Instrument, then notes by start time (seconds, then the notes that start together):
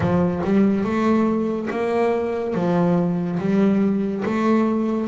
double bass
0.00 F3
0.43 G3
0.83 A3
1.70 A#3
2.54 F3
3.39 G3
4.25 A3